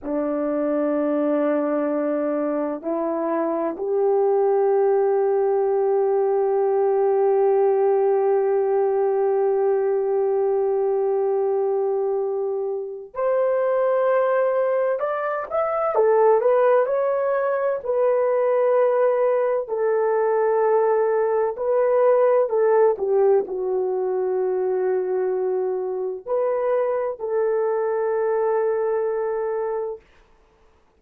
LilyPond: \new Staff \with { instrumentName = "horn" } { \time 4/4 \tempo 4 = 64 d'2. e'4 | g'1~ | g'1~ | g'2 c''2 |
d''8 e''8 a'8 b'8 cis''4 b'4~ | b'4 a'2 b'4 | a'8 g'8 fis'2. | b'4 a'2. | }